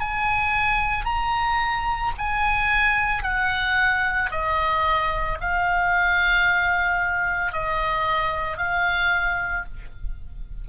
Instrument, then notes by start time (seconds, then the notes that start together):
oboe
0.00 G#5
1.05 A#5
2.18 G#5
3.23 F#5
4.31 D#5
5.40 F5
7.52 D#5
8.57 F5